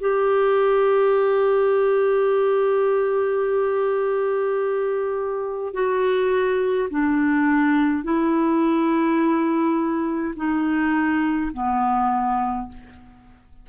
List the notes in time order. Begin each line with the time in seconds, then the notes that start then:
0.00 G4
5.73 F#4
6.90 D4
8.03 E4
10.36 D#4
11.53 B3